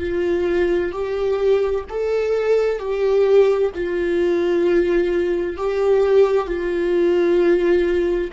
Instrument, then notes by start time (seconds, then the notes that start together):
viola
0.00 F4
0.92 G4
1.90 A4
2.79 G4
3.75 F4
5.57 G4
6.47 F4